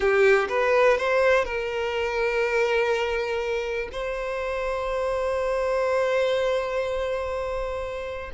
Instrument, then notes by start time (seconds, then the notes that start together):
violin
0.00 G4
0.48 B4
0.97 C5
1.45 A#4
3.92 C5